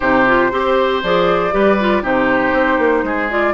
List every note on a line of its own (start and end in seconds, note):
0.00 0.52 C3
0.00 0.26 D#4
0.00 0.51 G4
0.00 1.01 C5
0.26 0.51 F4
0.51 1.03 C4
0.51 1.02 G4
0.51 1.54 C5
1.03 1.53 F3
1.03 1.51 G#4
1.03 2.04 D5
1.51 2.02 G3
1.51 1.76 G4
1.51 2.03 B4
1.80 2.02 F4
2.02 2.52 C3
2.02 3.29 D#4
2.02 3.04 G4
2.02 3.31 C5
2.52 2.78 C4
2.78 3.03 A#3
3.03 3.54 G#3
3.03 3.54 G#4
3.29 3.54 F4
3.29 3.54 D5